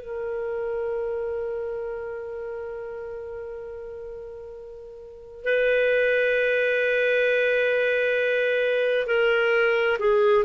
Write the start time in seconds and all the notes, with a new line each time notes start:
0.00 A#4
5.45 B4
9.07 A#4
10.00 G#4